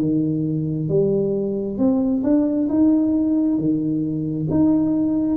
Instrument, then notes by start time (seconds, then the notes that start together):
tuba
0.00 D#3
0.88 G3
1.78 C4
2.23 D4
2.69 D#4
3.58 D#3
4.50 D#4